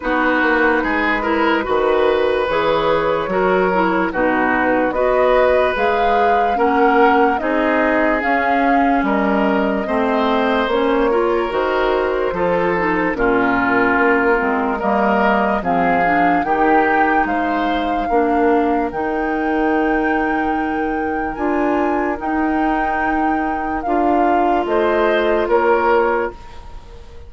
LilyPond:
<<
  \new Staff \with { instrumentName = "flute" } { \time 4/4 \tempo 4 = 73 b'2. cis''4~ | cis''4 b'4 dis''4 f''4 | fis''4 dis''4 f''4 dis''4~ | dis''4 cis''4 c''2 |
ais'2 dis''4 f''4 | g''4 f''2 g''4~ | g''2 gis''4 g''4~ | g''4 f''4 dis''4 cis''4 | }
  \new Staff \with { instrumentName = "oboe" } { \time 4/4 fis'4 gis'8 ais'8 b'2 | ais'4 fis'4 b'2 | ais'4 gis'2 ais'4 | c''4. ais'4. a'4 |
f'2 ais'4 gis'4 | g'4 c''4 ais'2~ | ais'1~ | ais'2 c''4 ais'4 | }
  \new Staff \with { instrumentName = "clarinet" } { \time 4/4 dis'4. e'8 fis'4 gis'4 | fis'8 e'8 dis'4 fis'4 gis'4 | cis'4 dis'4 cis'2 | c'4 cis'8 f'8 fis'4 f'8 dis'8 |
cis'4. c'8 ais4 c'8 d'8 | dis'2 d'4 dis'4~ | dis'2 f'4 dis'4~ | dis'4 f'2. | }
  \new Staff \with { instrumentName = "bassoon" } { \time 4/4 b8 ais8 gis4 dis4 e4 | fis4 b,4 b4 gis4 | ais4 c'4 cis'4 g4 | a4 ais4 dis4 f4 |
ais,4 ais8 gis8 g4 f4 | dis4 gis4 ais4 dis4~ | dis2 d'4 dis'4~ | dis'4 d'4 a4 ais4 | }
>>